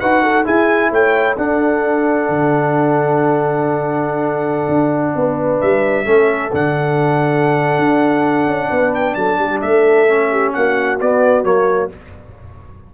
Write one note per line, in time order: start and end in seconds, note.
0.00 0.48 D#4
0.00 0.45 F#4
0.00 0.23 B4
0.00 0.46 F#5
0.23 0.45 A4
0.45 1.36 E4
0.45 0.91 E4
0.45 0.91 G#4
0.45 0.92 G#5
0.91 1.37 A3
0.91 1.37 C#5
0.91 1.37 G5
1.37 2.29 D4
1.37 6.05 D4
1.37 5.15 A4
1.37 5.61 F#5
2.29 4.69 D3
4.69 5.15 D4
5.16 5.62 B3
5.16 6.06 B4
5.61 6.07 G3
5.61 6.53 E5
6.05 6.53 A3
6.05 6.51 C#4
6.05 8.69 A4
6.53 7.79 D3
6.53 10.08 D4
6.53 8.95 F#5
7.79 8.47 D4
8.47 8.70 C#4
8.70 9.16 B3
8.70 9.16 B4
8.95 9.15 G5
9.15 9.39 F#3
9.15 9.40 A4
9.15 9.60 A5
9.39 9.62 G3
9.39 9.63 G4
9.62 10.54 A3
9.62 10.32 A4
9.62 10.54 E5
10.08 11.00 C#4
10.32 10.54 G4
10.54 11.02 A#3
10.54 11.94 F#4
10.54 11.00 F#5
11.01 11.44 B3
11.01 11.45 D5
11.44 11.90 F#3
11.44 11.90 A#3
11.44 11.91 C#5